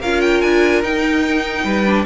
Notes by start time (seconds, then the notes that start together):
0.00 C#4 F4 A#4 F5
0.21 G5
0.41 D4 G#5
0.83 D#4 G5
1.64 G3 B4
1.86 D4